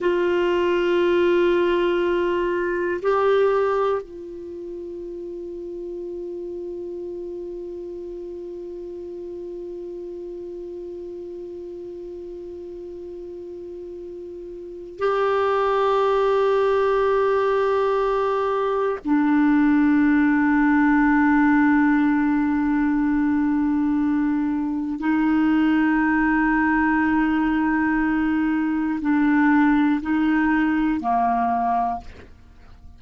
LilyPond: \new Staff \with { instrumentName = "clarinet" } { \time 4/4 \tempo 4 = 60 f'2. g'4 | f'1~ | f'1~ | f'2. g'4~ |
g'2. d'4~ | d'1~ | d'4 dis'2.~ | dis'4 d'4 dis'4 ais4 | }